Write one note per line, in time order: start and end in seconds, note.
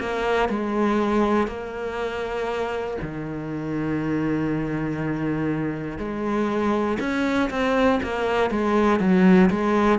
0.00 0.50 A#3
0.50 1.48 G#3
1.48 2.98 A#3
3.02 5.98 D#3
5.98 6.98 G#3
7.00 7.50 C#4
7.50 8.00 C4
8.03 8.50 A#3
8.50 9.00 G#3
9.00 9.50 F#3
9.50 9.99 G#3